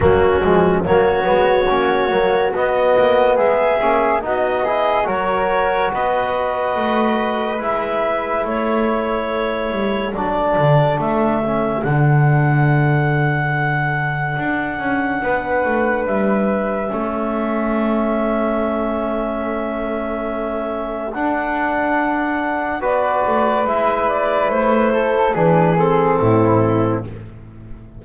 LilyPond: <<
  \new Staff \with { instrumentName = "clarinet" } { \time 4/4 \tempo 4 = 71 fis'4 cis''2 dis''4 | e''4 dis''4 cis''4 dis''4~ | dis''4 e''4 cis''2 | d''4 e''4 fis''2~ |
fis''2. e''4~ | e''1~ | e''4 fis''2 d''4 | e''8 d''8 c''4 b'8 a'4. | }
  \new Staff \with { instrumentName = "flute" } { \time 4/4 cis'4 fis'2. | gis'4 fis'8 gis'8 ais'4 b'4~ | b'2 a'2~ | a'1~ |
a'2 b'2 | a'1~ | a'2. b'4~ | b'4. a'8 gis'4 e'4 | }
  \new Staff \with { instrumentName = "trombone" } { \time 4/4 ais8 gis8 ais8 b8 cis'8 ais8 b4~ | b8 cis'8 dis'8 e'8 fis'2~ | fis'4 e'2. | d'4. cis'8 d'2~ |
d'1 | cis'1~ | cis'4 d'2 fis'4 | e'2 d'8 c'4. | }
  \new Staff \with { instrumentName = "double bass" } { \time 4/4 fis8 f8 fis8 gis8 ais8 fis8 b8 ais8 | gis8 ais8 b4 fis4 b4 | a4 gis4 a4. g8 | fis8 d8 a4 d2~ |
d4 d'8 cis'8 b8 a8 g4 | a1~ | a4 d'2 b8 a8 | gis4 a4 e4 a,4 | }
>>